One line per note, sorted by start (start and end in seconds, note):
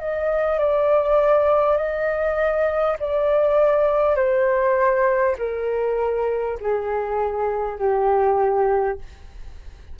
0.00 0.58 D#5
0.58 1.77 D5
1.77 2.97 D#5
2.99 4.16 D5
4.16 5.36 C5
5.38 6.58 A#4
6.60 7.78 G#4
7.78 8.98 G4